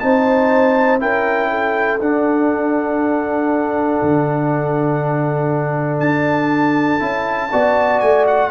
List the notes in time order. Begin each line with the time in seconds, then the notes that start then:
0.00 C4 D#4 C5 A5
1.00 C#4 E4 A#4 G5
1.51 A4
2.01 D4 F#5
4.03 D3
6.00 D4 A5
7.00 C#4 E4
7.52 B3 F#4 D5
8.00 A3 G#5
8.28 F#5